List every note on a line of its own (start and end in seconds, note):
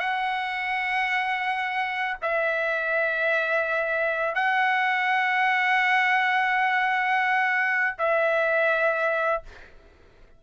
0.00 2.17 F#5
2.22 4.35 E5
4.35 7.96 F#5
7.98 9.43 E5